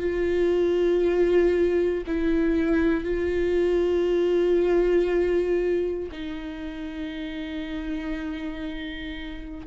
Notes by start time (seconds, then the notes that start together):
0.00 F4
2.06 E4
3.04 F4
6.12 D#4